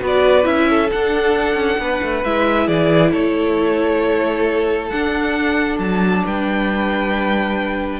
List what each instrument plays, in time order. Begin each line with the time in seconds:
0.00 cello B3, viola F#4, violin B4
0.06 violin D5
0.43 cello C#4, viola E4, violin E5
0.69 violin A4
0.91 viola D4, cello D4, violin F#5
1.54 cello C#4
1.78 cello B3, violin B4
2.01 cello A3
2.24 cello G#3, viola E4, violin E5
2.67 cello E3, violin G#4 D5
3.11 cello A3, violin A4 C#5
4.89 viola D4, cello D4, violin F#5
5.79 cello F#3, violin A5
6.25 cello G3, violin B4 G5